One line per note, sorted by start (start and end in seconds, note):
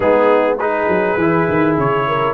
0.00 0.87 G#3
0.00 0.58 B3
0.00 0.57 D#4
0.00 0.58 G#4
0.59 1.19 D#4
0.59 2.07 G#4
0.59 1.77 B4
0.88 1.17 F#3
1.17 1.46 E3
1.17 2.34 E4
1.48 1.77 D#3
1.77 2.34 C#3
1.77 2.34 C#5
2.07 2.34 A#4